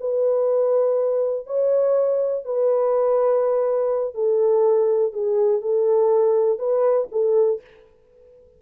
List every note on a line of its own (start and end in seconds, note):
0.00 1.47 B4
1.47 2.45 C#5
2.45 4.15 B4
4.15 5.13 A4
5.13 5.62 G#4
5.62 6.59 A4
6.59 7.08 B4
7.12 7.61 A4